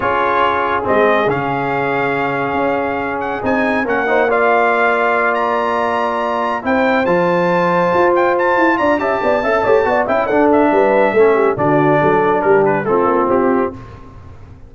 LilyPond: <<
  \new Staff \with { instrumentName = "trumpet" } { \time 4/4 \tempo 4 = 140 cis''2 dis''4 f''4~ | f''2.~ f''8 fis''8 | gis''4 fis''4 f''2~ | f''8 ais''2. g''8~ |
g''8 a''2~ a''8 g''8 a''8~ | a''8 ais''8 a''2~ a''8 g''8 | fis''8 e''2~ e''8 d''4~ | d''4 ais'8 b'8 a'4 g'4 | }
  \new Staff \with { instrumentName = "horn" } { \time 4/4 gis'1~ | gis'1~ | gis'4 ais'8 c''8 d''2~ | d''2.~ d''8 c''8~ |
c''1~ | c''8 d''8 e''8 d''8 e''8 cis''8 d''8 e''8 | a'4 b'4 a'8 g'8 fis'4 | a'4 g'4 f'2 | }
  \new Staff \with { instrumentName = "trombone" } { \time 4/4 f'2 c'4 cis'4~ | cis'1 | dis'4 cis'8 dis'8 f'2~ | f'2.~ f'8 e'8~ |
e'8 f'2.~ f'8~ | f'4 g'4 a'8 g'8 fis'8 e'8 | d'2 cis'4 d'4~ | d'2 c'2 | }
  \new Staff \with { instrumentName = "tuba" } { \time 4/4 cis'2 gis4 cis4~ | cis2 cis'2 | c'4 ais2.~ | ais2.~ ais8 c'8~ |
c'8 f2 f'4. | e'8 d'8 cis'8 b8 cis'8 a8 b8 cis'8 | d'4 g4 a4 d4 | fis4 g4 a8 ais8 c'4 | }
>>